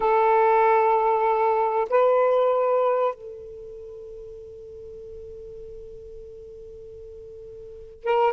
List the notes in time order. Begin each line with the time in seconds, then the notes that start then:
0.00 A4
1.89 B4
3.14 A4
8.04 A#4